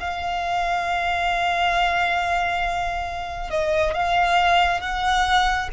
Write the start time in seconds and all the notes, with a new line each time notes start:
0.00 F5
3.51 D#5
3.95 F5
4.81 F#5